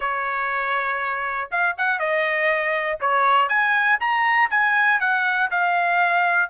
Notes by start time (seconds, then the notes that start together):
0.00 C#5
1.51 F5
1.77 F#5
1.99 D#5
3.00 C#5
3.48 G#5
4.00 A#5
4.50 G#5
5.00 F#5
5.50 F5